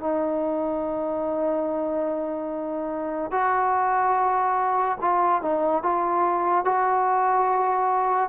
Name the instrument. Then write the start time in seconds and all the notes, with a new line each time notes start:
trombone
0.00 D#4
3.31 F#4
5.00 F4
5.42 D#4
5.83 F4
6.65 F#4